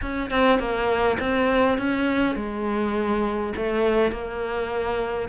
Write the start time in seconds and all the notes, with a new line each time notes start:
0.01 C#4
0.30 C4
0.59 A#3
1.19 C4
1.78 C#4
2.35 G#3
3.56 A3
4.11 A#3